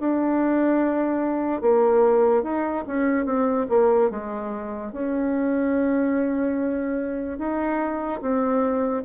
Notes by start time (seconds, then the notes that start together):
0.00 D4
1.61 A#3
2.43 D#4
2.87 C#4
3.25 C4
3.69 A#3
4.10 G#3
4.92 C#4
7.38 D#4
8.21 C4